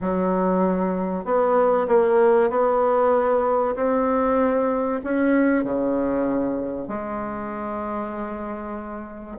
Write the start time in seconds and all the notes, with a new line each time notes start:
0.01 F#3
1.24 B3
1.88 A#3
2.50 B3
3.75 C4
5.04 C#4
5.64 C#3
6.88 G#3